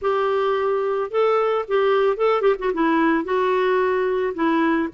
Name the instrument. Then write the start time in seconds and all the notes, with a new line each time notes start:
clarinet
0.01 G4
1.10 A4
1.68 G4
2.16 A4
2.41 G4
2.58 F#4
2.73 E4
3.24 F#4
4.34 E4